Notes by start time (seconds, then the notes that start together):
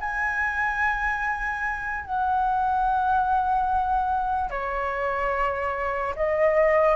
0.00 G#5
2.05 F#5
4.50 C#5
6.16 D#5